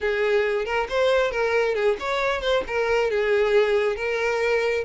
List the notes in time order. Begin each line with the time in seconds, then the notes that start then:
0.00 G#4
0.65 A#4
0.89 C5
1.31 A#4
1.74 G#4
1.99 C#5
2.41 C5
2.67 A#4
3.10 G#4
3.96 A#4